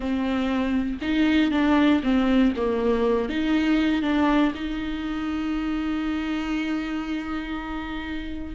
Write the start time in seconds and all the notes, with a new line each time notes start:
0.00 C4
1.01 D#4
1.51 D4
2.03 C4
2.56 A#3
3.29 D#4
4.02 D4
4.54 D#4